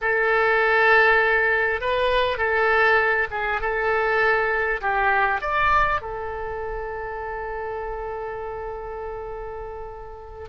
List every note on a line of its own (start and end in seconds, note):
0.01 1.81 A4
1.81 2.37 B4
2.37 3.27 A4
3.30 3.60 G#4
3.60 4.80 A4
4.81 5.41 G4
5.41 6.01 D5
6.01 10.48 A4